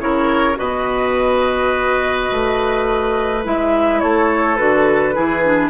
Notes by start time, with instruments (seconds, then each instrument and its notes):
0.00 bassoon C#3, clarinet E4, oboe A#4, flute C#5
0.55 bassoon B2, clarinet F#4, oboe B4, flute D#5
2.32 bassoon A3
3.45 bassoon G#3, clarinet E4, flute E5
4.00 bassoon A3, oboe A4, flute C#5
4.57 bassoon D3, clarinet F#4, flute B4
5.14 bassoon E3, clarinet E4, oboe G#4
5.44 clarinet D4